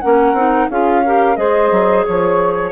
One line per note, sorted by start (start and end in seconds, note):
0.00 0.33 A#3
0.00 0.36 C#4
0.00 0.68 A#4
0.00 0.68 F#5
0.33 0.67 C4
0.33 0.70 D#4
0.68 1.37 C#4
0.68 1.05 F4
0.68 1.02 G#4
0.68 1.36 F5
1.04 1.36 G4
1.04 1.38 A#4
1.36 1.71 G#3
1.36 2.71 G#4
1.36 2.06 C5
1.36 2.04 D#5
1.71 2.05 F#3
2.05 2.71 F3
2.05 2.71 C#5